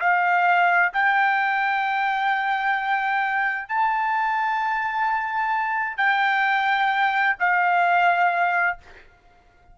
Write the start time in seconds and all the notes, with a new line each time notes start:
0.00 F5
0.93 G5
3.68 A5
5.97 G5
7.40 F5